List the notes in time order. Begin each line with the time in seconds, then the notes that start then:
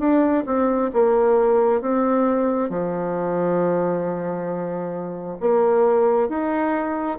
0.00 D4
0.47 C4
0.94 A#3
1.82 C4
2.70 F3
5.41 A#3
6.29 D#4